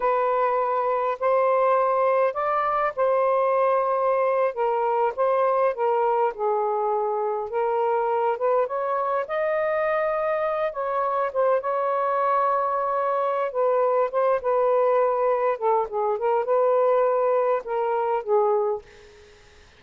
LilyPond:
\new Staff \with { instrumentName = "saxophone" } { \time 4/4 \tempo 4 = 102 b'2 c''2 | d''4 c''2~ c''8. ais'16~ | ais'8. c''4 ais'4 gis'4~ gis'16~ | gis'8. ais'4. b'8 cis''4 dis''16~ |
dis''2~ dis''16 cis''4 c''8 cis''16~ | cis''2. b'4 | c''8 b'2 a'8 gis'8 ais'8 | b'2 ais'4 gis'4 | }